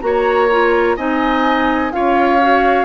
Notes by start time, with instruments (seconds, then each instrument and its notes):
0.00 bassoon A#3, clarinet F#4, oboe C#5, flute A#5
0.51 clarinet F4
0.96 bassoon C4, clarinet D#4, oboe D#5, flute G#5
1.91 bassoon C#4, clarinet F4, oboe C#5, flute F5
2.41 clarinet F#4